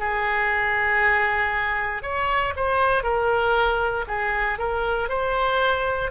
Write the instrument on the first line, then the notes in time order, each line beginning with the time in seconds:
oboe
0.00 G#4
2.03 C#5
2.56 C5
3.03 A#4
4.08 G#4
4.59 A#4
5.09 C5